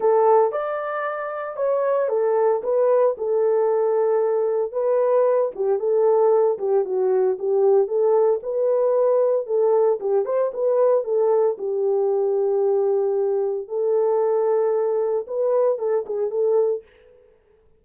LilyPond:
\new Staff \with { instrumentName = "horn" } { \time 4/4 \tempo 4 = 114 a'4 d''2 cis''4 | a'4 b'4 a'2~ | a'4 b'4. g'8 a'4~ | a'8 g'8 fis'4 g'4 a'4 |
b'2 a'4 g'8 c''8 | b'4 a'4 g'2~ | g'2 a'2~ | a'4 b'4 a'8 gis'8 a'4 | }